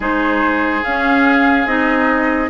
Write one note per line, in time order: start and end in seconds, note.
0.00 0.82 G#3
0.00 0.84 D#4
0.00 2.49 G#4
0.00 0.83 C5
0.83 1.67 C#4
0.83 1.65 C#4
0.83 1.66 F5
1.65 2.49 C4
1.65 2.49 D#4
1.65 2.49 D#5